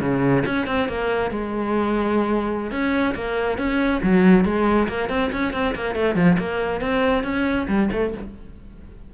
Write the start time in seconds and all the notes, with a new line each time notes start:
0.00 C#3
0.46 C#4
0.67 C4
0.88 A#3
1.31 G#3
2.71 C#4
3.15 A#3
3.58 C#4
4.03 F#3
4.45 G#3
4.88 A#3
5.09 C4
5.32 C#4
5.53 C4
5.75 A#3
5.95 A3
6.15 F3
6.39 A#3
6.81 C4
7.23 C#4
7.68 G3
7.92 A3